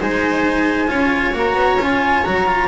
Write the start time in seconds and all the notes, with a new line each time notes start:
0.00 G#3 D#4 C5 G#5
0.88 C#4 F4 C#5
1.33 A#3 F#4 A#5
1.54 B3
1.77 C#4 F4 G#5
2.24 F#3 F#4 A#5
2.47 F4